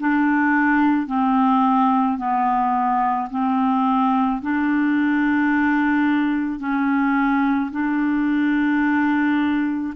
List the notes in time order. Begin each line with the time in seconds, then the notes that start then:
0.00 D4
1.07 C4
2.18 B3
3.30 C4
4.42 D4
6.60 C#4
7.72 D4